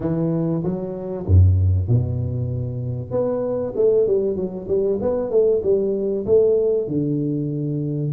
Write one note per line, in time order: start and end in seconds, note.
0.00 0.62 E3
0.63 1.26 F#3
1.26 1.88 F#2
1.88 3.11 B2
3.11 3.73 B3
3.75 4.07 A3
4.07 4.36 G3
4.36 4.67 F#3
4.68 4.99 G3
5.01 5.30 B3
5.30 5.61 A3
5.62 6.25 G3
6.26 6.88 A3
6.88 8.12 D3